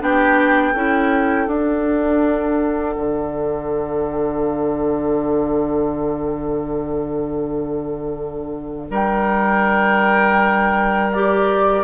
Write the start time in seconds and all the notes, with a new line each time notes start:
0.00 B3 D4 G4 G5
0.73 C#4 E4 A4
1.48 D4 F#5
2.97 D3
8.91 G3 A#4 G5
11.13 G4 D5